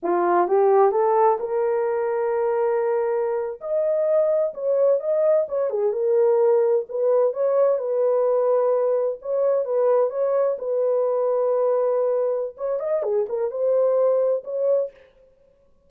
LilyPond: \new Staff \with { instrumentName = "horn" } { \time 4/4 \tempo 4 = 129 f'4 g'4 a'4 ais'4~ | ais'2.~ ais'8. dis''16~ | dis''4.~ dis''16 cis''4 dis''4 cis''16~ | cis''16 gis'8 ais'2 b'4 cis''16~ |
cis''8. b'2. cis''16~ | cis''8. b'4 cis''4 b'4~ b'16~ | b'2. cis''8 dis''8 | gis'8 ais'8 c''2 cis''4 | }